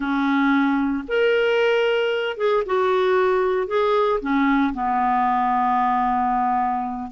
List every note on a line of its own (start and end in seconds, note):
0.00 1.04 C#4
1.08 2.37 A#4
2.37 2.63 G#4
2.66 3.67 F#4
3.67 4.20 G#4
4.20 4.73 C#4
4.73 7.10 B3